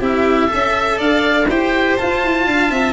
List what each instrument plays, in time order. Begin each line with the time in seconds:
0.00 tuba C4, cello E4, violin G4, oboe E5
0.48 tuba C#4, cello A4, violin E5
0.98 tuba D4, violin D5, oboe F5
1.49 tuba E4, cello G4, violin C5, oboe G5
1.97 cello F4, tuba F4, oboe A5
2.24 tuba E4
2.47 tuba D4, violin F5
2.71 tuba C4, violin E5